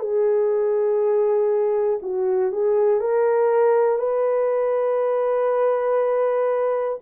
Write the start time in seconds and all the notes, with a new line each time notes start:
0.00 G#4
2.03 F#4
2.53 G#4
3.01 A#4
3.99 B4